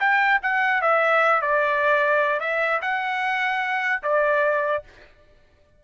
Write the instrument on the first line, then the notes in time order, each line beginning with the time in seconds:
trumpet
0.00 G5
0.42 F#5
0.82 E5
1.42 D5
2.40 E5
2.82 F#5
4.03 D5